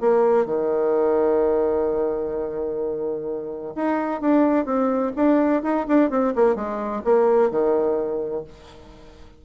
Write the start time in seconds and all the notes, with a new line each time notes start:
0.00 A#3
0.46 D#3
3.75 D#4
4.21 D4
4.65 C4
5.16 D4
5.62 D#4
5.88 D4
6.10 C4
6.35 A#3
6.55 G#3
7.04 A#3
7.50 D#3